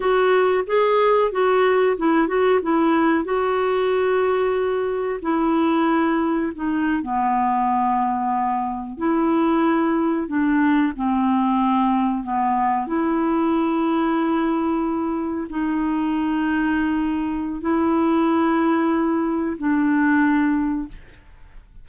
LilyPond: \new Staff \with { instrumentName = "clarinet" } { \time 4/4 \tempo 4 = 92 fis'4 gis'4 fis'4 e'8 fis'8 | e'4 fis'2. | e'2 dis'8. b4~ b16~ | b4.~ b16 e'2 d'16~ |
d'8. c'2 b4 e'16~ | e'2.~ e'8. dis'16~ | dis'2. e'4~ | e'2 d'2 | }